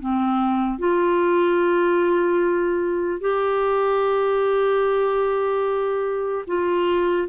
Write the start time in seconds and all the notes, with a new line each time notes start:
0.00 C4
0.78 F4
3.21 G4
6.47 F4